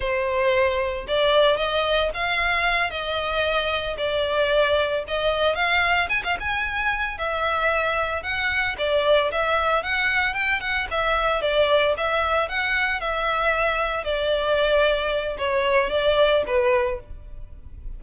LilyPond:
\new Staff \with { instrumentName = "violin" } { \time 4/4 \tempo 4 = 113 c''2 d''4 dis''4 | f''4. dis''2 d''8~ | d''4. dis''4 f''4 gis''16 f''16 | gis''4. e''2 fis''8~ |
fis''8 d''4 e''4 fis''4 g''8 | fis''8 e''4 d''4 e''4 fis''8~ | fis''8 e''2 d''4.~ | d''4 cis''4 d''4 b'4 | }